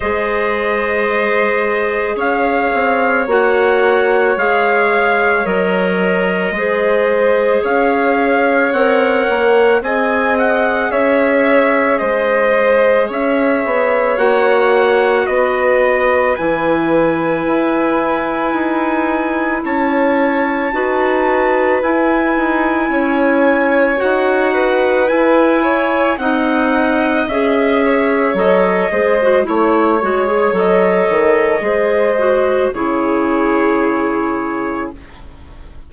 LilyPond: <<
  \new Staff \with { instrumentName = "trumpet" } { \time 4/4 \tempo 4 = 55 dis''2 f''4 fis''4 | f''4 dis''2 f''4 | fis''4 gis''8 fis''8 e''4 dis''4 | e''4 fis''4 dis''4 gis''4~ |
gis''2 a''2 | gis''2 fis''4 gis''4 | fis''4 e''4 dis''4 cis''4 | dis''2 cis''2 | }
  \new Staff \with { instrumentName = "violin" } { \time 4/4 c''2 cis''2~ | cis''2 c''4 cis''4~ | cis''4 dis''4 cis''4 c''4 | cis''2 b'2~ |
b'2 cis''4 b'4~ | b'4 cis''4. b'4 cis''8 | dis''4. cis''4 c''8 cis''4~ | cis''4 c''4 gis'2 | }
  \new Staff \with { instrumentName = "clarinet" } { \time 4/4 gis'2. fis'4 | gis'4 ais'4 gis'2 | ais'4 gis'2.~ | gis'4 fis'2 e'4~ |
e'2. fis'4 | e'2 fis'4 e'4 | dis'4 gis'4 a'8 gis'16 fis'16 e'8 fis'16 gis'16 | a'4 gis'8 fis'8 e'2 | }
  \new Staff \with { instrumentName = "bassoon" } { \time 4/4 gis2 cis'8 c'8 ais4 | gis4 fis4 gis4 cis'4 | c'8 ais8 c'4 cis'4 gis4 | cis'8 b8 ais4 b4 e4 |
e'4 dis'4 cis'4 dis'4 | e'8 dis'8 cis'4 dis'4 e'4 | c'4 cis'4 fis8 gis8 a8 gis8 | fis8 dis8 gis4 cis2 | }
>>